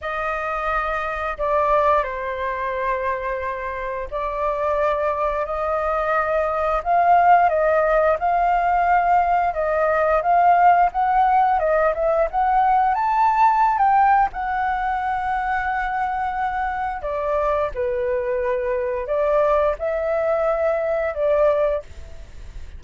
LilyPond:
\new Staff \with { instrumentName = "flute" } { \time 4/4 \tempo 4 = 88 dis''2 d''4 c''4~ | c''2 d''2 | dis''2 f''4 dis''4 | f''2 dis''4 f''4 |
fis''4 dis''8 e''8 fis''4 a''4~ | a''16 g''8. fis''2.~ | fis''4 d''4 b'2 | d''4 e''2 d''4 | }